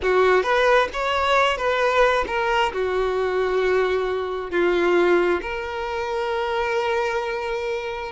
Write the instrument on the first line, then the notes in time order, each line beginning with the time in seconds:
violin
0.02 F#4
0.43 B4
0.93 C#5
1.57 B4
2.27 A#4
2.73 F#4
4.50 F4
5.41 A#4